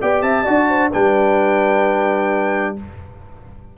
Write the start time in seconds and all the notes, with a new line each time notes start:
0.00 B3 G4 D5 G5
0.21 C4 E5 A5
0.42 D4 F#4 D5
0.68 C5
0.92 G3 D4 B4 G5